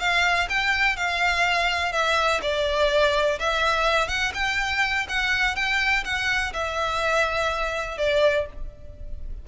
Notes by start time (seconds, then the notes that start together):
0.00 F5
0.50 G5
0.97 F5
1.93 E5
2.42 D5
3.39 E5
4.08 F#5
4.35 G5
5.09 F#5
5.56 G5
6.05 F#5
6.54 E5
7.98 D5